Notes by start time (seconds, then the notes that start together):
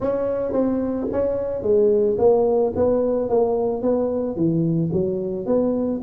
0.00 C#4
0.52 C4
1.12 C#4
1.62 G#3
2.18 A#3
2.75 B3
3.29 A#3
3.82 B3
4.36 E3
4.92 F#3
5.46 B3